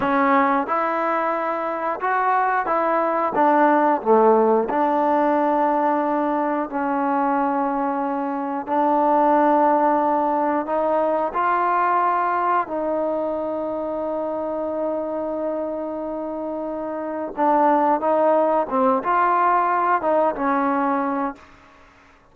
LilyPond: \new Staff \with { instrumentName = "trombone" } { \time 4/4 \tempo 4 = 90 cis'4 e'2 fis'4 | e'4 d'4 a4 d'4~ | d'2 cis'2~ | cis'4 d'2. |
dis'4 f'2 dis'4~ | dis'1~ | dis'2 d'4 dis'4 | c'8 f'4. dis'8 cis'4. | }